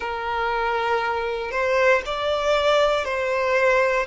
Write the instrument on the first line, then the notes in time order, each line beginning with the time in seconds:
violin
0.00 A#4
1.51 C5
2.05 D5
3.04 C5